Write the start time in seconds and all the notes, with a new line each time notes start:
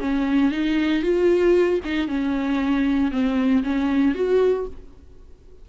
0.00 C#4
0.51 D#4
1.02 F4
1.84 D#4
2.08 C#4
3.11 C4
3.63 C#4
4.14 F#4